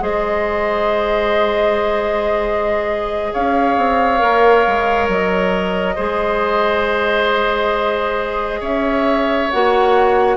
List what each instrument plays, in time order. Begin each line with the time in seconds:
0.00 bassoon G#3, clarinet G#4, oboe C5, flute D#5
3.33 bassoon C#4, oboe C#5, flute F5
3.77 bassoon C4
4.18 bassoon A#3, clarinet A#4
4.67 bassoon G#3
5.08 bassoon F#3, flute D#5
5.95 bassoon G#3, clarinet G#4, oboe C5
8.60 bassoon C#4, oboe C#5, flute E5
9.50 bassoon A#3, clarinet F#4, flute F#5